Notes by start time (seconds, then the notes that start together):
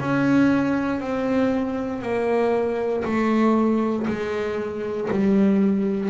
0.00 C#4
1.01 C4
2.02 A#3
3.05 A3
4.07 G#3
5.11 G3